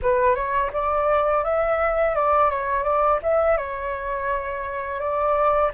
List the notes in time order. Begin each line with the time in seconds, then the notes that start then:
0.02 B4
0.35 C#5
0.72 D5
1.44 E5
2.15 D5
2.50 C#5
2.83 D5
3.22 E5
3.57 C#5
4.99 D5